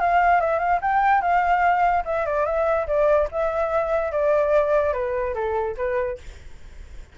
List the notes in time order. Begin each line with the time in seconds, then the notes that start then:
0.00 F5
0.41 E5
0.59 F5
0.82 G5
1.22 F5
2.05 E5
2.26 D5
2.46 E5
2.87 D5
3.32 E5
4.12 D5
4.93 B4
5.35 A4
5.77 B4